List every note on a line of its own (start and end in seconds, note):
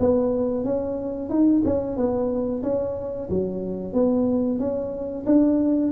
0.00 0.65 B3
0.65 1.30 C#4
1.30 1.63 D#4
1.65 1.97 C#4
1.97 2.63 B3
2.63 3.29 C#4
3.30 3.94 F#3
3.94 4.60 B3
4.60 5.26 C#4
5.27 5.93 D4